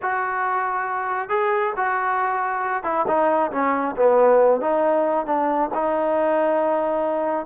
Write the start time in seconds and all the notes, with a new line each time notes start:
0.02 F#4
1.29 G#4
1.76 F#4
2.83 E4
3.07 D#4
3.51 C#4
3.96 B3
4.60 D#4
5.26 D4
5.74 D#4